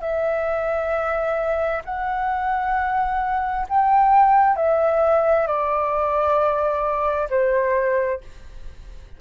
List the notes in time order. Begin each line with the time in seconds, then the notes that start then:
0.00 E5
1.84 F#5
3.69 G5
4.56 E5
5.47 D5
7.29 C5